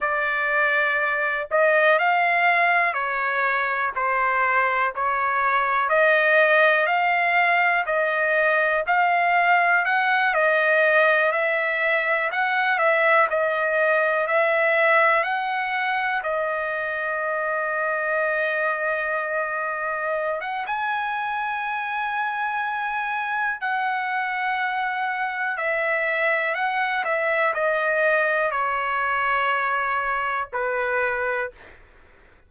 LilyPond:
\new Staff \with { instrumentName = "trumpet" } { \time 4/4 \tempo 4 = 61 d''4. dis''8 f''4 cis''4 | c''4 cis''4 dis''4 f''4 | dis''4 f''4 fis''8 dis''4 e''8~ | e''8 fis''8 e''8 dis''4 e''4 fis''8~ |
fis''8 dis''2.~ dis''8~ | dis''8. fis''16 gis''2. | fis''2 e''4 fis''8 e''8 | dis''4 cis''2 b'4 | }